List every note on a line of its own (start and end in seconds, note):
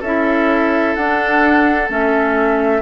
0.00 0.95 C#4
0.00 0.99 E4
0.00 2.81 A4
0.00 0.95 E5
0.95 1.89 D4
0.95 1.88 D4
0.95 1.89 F#5
1.88 2.82 A3
1.88 2.82 C#4
1.88 2.82 E5